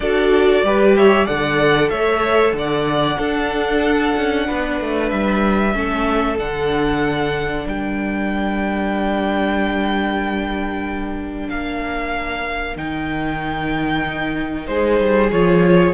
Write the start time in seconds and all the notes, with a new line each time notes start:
0.00 D4 F#4 A4 D5
0.63 G3 G4 B4
0.96 C#5 E5
1.24 D3 A4 D5 F#5
1.89 A3 C#5 E5
2.52 D3 D5 F#5
3.17 D4 A4
4.16 C#4
4.47 B3 B4
4.80 A3
5.09 G3 E5
5.73 A3 C#4 A4
6.38 D3 D4 F#5
7.64 G3 A#4 G5
11.49 A#3 F5
12.75 D#3 D#4 G5
14.66 G#3 G#4 C5
14.99 G3
15.31 F3 F4 C#5